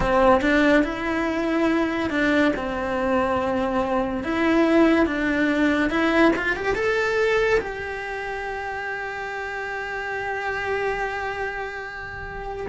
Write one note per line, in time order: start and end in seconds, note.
0.00 0.41 C4
0.41 0.83 D4
0.83 2.09 E4
2.09 2.52 D4
2.56 4.23 C4
4.23 5.06 E4
5.06 5.89 D4
5.89 6.31 E4
6.36 6.56 F4
6.56 6.75 G4
6.75 7.59 A4
7.60 12.67 G4